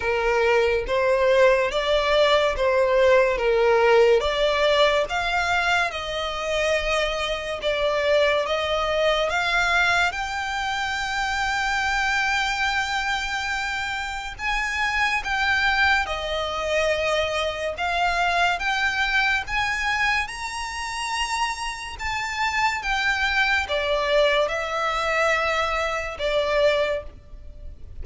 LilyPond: \new Staff \with { instrumentName = "violin" } { \time 4/4 \tempo 4 = 71 ais'4 c''4 d''4 c''4 | ais'4 d''4 f''4 dis''4~ | dis''4 d''4 dis''4 f''4 | g''1~ |
g''4 gis''4 g''4 dis''4~ | dis''4 f''4 g''4 gis''4 | ais''2 a''4 g''4 | d''4 e''2 d''4 | }